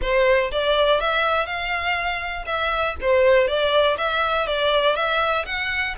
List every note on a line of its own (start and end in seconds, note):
0.01 0.51 C5
0.51 1.00 D5
1.00 1.45 E5
1.45 2.45 F5
2.46 2.95 E5
3.01 3.47 C5
3.47 3.97 D5
3.97 4.46 E5
4.46 4.95 D5
4.95 5.45 E5
5.45 5.95 F#5